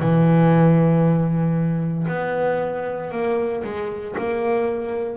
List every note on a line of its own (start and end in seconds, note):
0.00 2.07 E3
2.08 3.11 B3
3.11 3.63 A#3
3.63 4.15 G#3
4.18 5.16 A#3